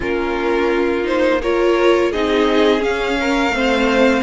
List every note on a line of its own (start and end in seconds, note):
0.00 2.13 A#3
0.00 1.04 C#4
0.00 1.40 F4
0.00 1.06 A#4
1.04 1.39 D#4
1.04 1.41 C5
1.41 2.13 F4
1.41 2.11 A#4
1.41 2.12 C#5
2.11 2.82 C4
2.11 2.79 D#4
2.11 3.17 G#4
2.11 2.83 D#5
2.79 3.50 C#4
2.79 4.22 F5
3.20 3.55 A#4
3.50 4.20 A3
3.50 4.22 C4
3.56 4.22 C5